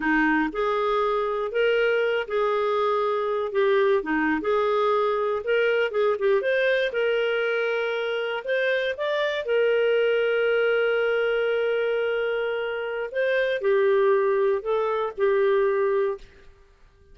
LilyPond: \new Staff \with { instrumentName = "clarinet" } { \time 4/4 \tempo 4 = 119 dis'4 gis'2 ais'4~ | ais'8 gis'2~ gis'8 g'4 | dis'8. gis'2 ais'4 gis'16~ | gis'16 g'8 c''4 ais'2~ ais'16~ |
ais'8. c''4 d''4 ais'4~ ais'16~ | ais'1~ | ais'2 c''4 g'4~ | g'4 a'4 g'2 | }